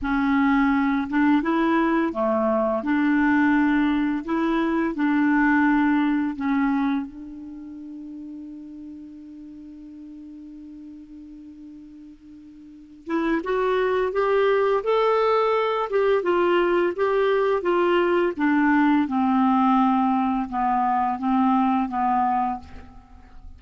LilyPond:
\new Staff \with { instrumentName = "clarinet" } { \time 4/4 \tempo 4 = 85 cis'4. d'8 e'4 a4 | d'2 e'4 d'4~ | d'4 cis'4 d'2~ | d'1~ |
d'2~ d'8 e'8 fis'4 | g'4 a'4. g'8 f'4 | g'4 f'4 d'4 c'4~ | c'4 b4 c'4 b4 | }